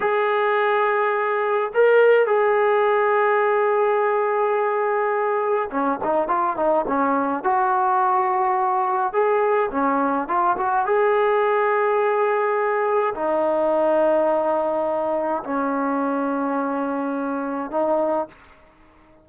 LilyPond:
\new Staff \with { instrumentName = "trombone" } { \time 4/4 \tempo 4 = 105 gis'2. ais'4 | gis'1~ | gis'2 cis'8 dis'8 f'8 dis'8 | cis'4 fis'2. |
gis'4 cis'4 f'8 fis'8 gis'4~ | gis'2. dis'4~ | dis'2. cis'4~ | cis'2. dis'4 | }